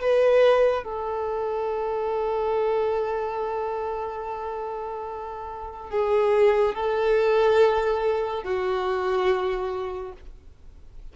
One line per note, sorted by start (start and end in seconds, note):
0.00 0.84 B4
0.84 5.90 A4
5.90 6.74 G#4
6.74 8.43 A4
8.43 10.12 F#4